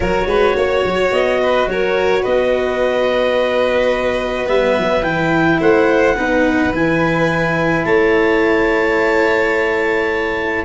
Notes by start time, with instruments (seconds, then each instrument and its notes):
0.00 tuba F#3, cello F#4, violin A#4, clarinet C#5
0.26 tuba G#3, violin B4
0.56 tuba A#3, violin C#5
0.84 tuba F#3
1.11 tuba B3, clarinet D#5
1.41 violin B4
1.67 tuba F#3, violin A#4, clarinet C#5
2.22 tuba B3, violin B4, clarinet D#5
4.46 tuba G3, cello B3, clarinet E5
4.78 tuba F#3
5.02 tuba E3, cello E4, clarinet G5
5.60 tuba A3, violin C5, clarinet F#5
6.16 tuba B3, cello D#4, violin B4
6.72 tuba E3, cello E4, clarinet G#5
7.84 tuba A3, violin C#5, clarinet A5